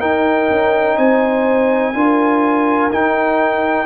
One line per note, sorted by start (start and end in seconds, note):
0.00 1.94 D#4
0.00 0.50 D#4
0.00 0.97 A#4
0.00 0.98 G5
0.50 0.98 C#4
0.98 1.95 C4
0.98 1.95 C5
0.98 2.91 G#5
1.94 2.91 D4
1.94 2.91 F4
1.94 3.86 A#4
2.92 3.86 D#4
2.92 3.86 G5